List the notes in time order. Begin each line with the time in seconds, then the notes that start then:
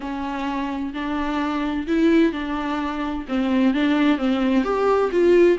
0.00 C#4
0.93 D4
1.87 E4
2.32 D4
3.28 C4
3.73 D4
4.18 C4
4.64 G4
5.11 F4